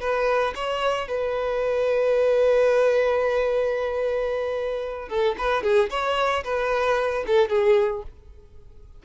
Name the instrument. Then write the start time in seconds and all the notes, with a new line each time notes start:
violin
0.00 B4
0.55 C#5
1.08 B4
5.09 A4
5.38 B4
5.63 G#4
5.90 C#5
6.44 B4
7.27 A4
7.49 G#4